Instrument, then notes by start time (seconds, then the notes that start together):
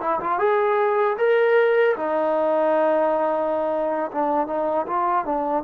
trombone
0.00 E4
0.19 F4
0.38 G#4
1.17 A#4
1.96 D#4
4.11 D4
4.47 D#4
4.87 F4
5.25 D4